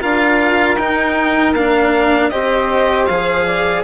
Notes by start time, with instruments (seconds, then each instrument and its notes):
0.00 bassoon D4, cello F4, saxophone A#4, violin F5
0.77 bassoon D#4, cello D#4, violin G5
1.54 bassoon A#3, cello D4, violin F5
2.30 bassoon C4, cello G4, saxophone C5, violin D#5
3.06 bassoon F3, cello G#4, violin F5
3.46 saxophone D5